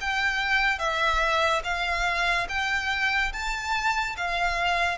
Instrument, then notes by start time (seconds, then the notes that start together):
violin
0.00 G5
0.78 E5
1.64 F5
2.48 G5
3.33 A5
4.17 F5